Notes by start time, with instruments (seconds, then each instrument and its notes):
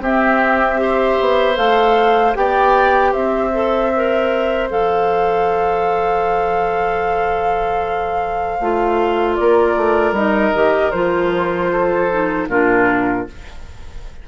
0.00 bassoon C4, clarinet C4, oboe G4, flute E5
0.77 clarinet G4, oboe C5
1.21 bassoon B3
1.56 bassoon A3, clarinet A4, flute F5
2.34 bassoon B3, clarinet G4, oboe D5, flute G5
3.12 bassoon C4, oboe C5, flute E5
3.53 clarinet A4
3.96 clarinet A#4
4.70 bassoon F3, clarinet A4, flute F5
8.60 bassoon A3, clarinet F4
9.36 bassoon A#3, oboe A#4, flute D5
9.76 bassoon A3
10.12 bassoon G3, clarinet D#4, flute D#5
10.54 bassoon D#3, clarinet G4
10.91 bassoon F3, clarinet F4, flute C5
11.72 oboe A4
12.11 clarinet D#4
12.48 bassoon A#2, clarinet D4, oboe F4, flute A#4